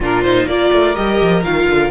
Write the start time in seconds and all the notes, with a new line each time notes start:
0.00 A#2 D4 F4 A#4
0.23 D#4 C5
0.45 A#3 F4 A#4 D5
0.72 A3
0.95 G3 G4 D#5
1.21 F3
1.43 D#3 F4 F5
1.68 D3